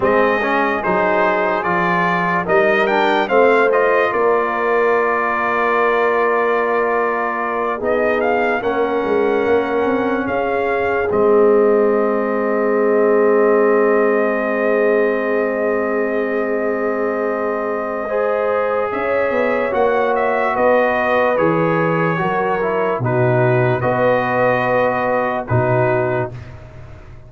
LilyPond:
<<
  \new Staff \with { instrumentName = "trumpet" } { \time 4/4 \tempo 4 = 73 dis''4 c''4 d''4 dis''8 g''8 | f''8 dis''8 d''2.~ | d''4. dis''8 f''8 fis''4.~ | fis''8 f''4 dis''2~ dis''8~ |
dis''1~ | dis''2. e''4 | fis''8 e''8 dis''4 cis''2 | b'4 dis''2 b'4 | }
  \new Staff \with { instrumentName = "horn" } { \time 4/4 gis'2. ais'4 | c''4 ais'2.~ | ais'4. gis'4 ais'4.~ | ais'8 gis'2.~ gis'8~ |
gis'1~ | gis'2 c''4 cis''4~ | cis''4 b'2 ais'4 | fis'4 b'2 fis'4 | }
  \new Staff \with { instrumentName = "trombone" } { \time 4/4 c'8 cis'8 dis'4 f'4 dis'8 d'8 | c'8 f'2.~ f'8~ | f'4. dis'4 cis'4.~ | cis'4. c'2~ c'8~ |
c'1~ | c'2 gis'2 | fis'2 gis'4 fis'8 e'8 | dis'4 fis'2 dis'4 | }
  \new Staff \with { instrumentName = "tuba" } { \time 4/4 gis4 fis4 f4 g4 | a4 ais2.~ | ais4. b4 ais8 gis8 ais8 | c'8 cis'4 gis2~ gis8~ |
gis1~ | gis2. cis'8 b8 | ais4 b4 e4 fis4 | b,4 b2 b,4 | }
>>